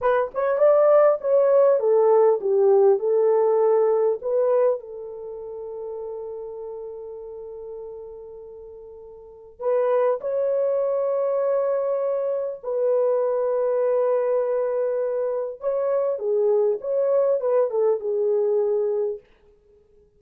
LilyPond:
\new Staff \with { instrumentName = "horn" } { \time 4/4 \tempo 4 = 100 b'8 cis''8 d''4 cis''4 a'4 | g'4 a'2 b'4 | a'1~ | a'1 |
b'4 cis''2.~ | cis''4 b'2.~ | b'2 cis''4 gis'4 | cis''4 b'8 a'8 gis'2 | }